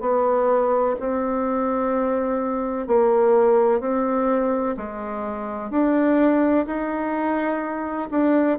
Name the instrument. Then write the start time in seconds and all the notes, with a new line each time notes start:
bassoon
0.00 B3
0.99 C4
2.87 A#3
3.80 C4
4.77 G#3
5.70 D4
6.66 D#4
8.10 D4